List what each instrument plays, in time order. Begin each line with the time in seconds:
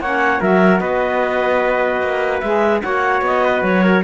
0.00 cello A#3, saxophone C#4, trumpet C#5, clarinet F#5
0.41 cello F#3, saxophone F#4, trumpet A#4, clarinet E5
0.80 cello B3, trumpet B4, clarinet D#5
2.02 cello A#3
2.40 cello G#3, saxophone G#4, clarinet E5
2.82 cello A#3, saxophone F#4, trumpet C#5, clarinet F#5
3.22 cello B3, clarinet D#5
3.44 trumpet B4
3.63 cello F#3, clarinet C#5
3.83 trumpet A#4